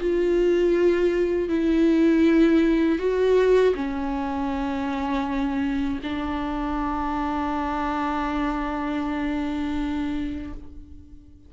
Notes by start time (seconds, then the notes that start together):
0.00 F4
1.49 E4
2.99 F#4
3.75 C#4
6.03 D4